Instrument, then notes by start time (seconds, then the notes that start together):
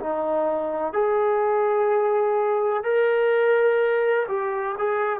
trombone
0.00 D#4
0.93 G#4
2.84 A#4
4.28 G4
4.78 G#4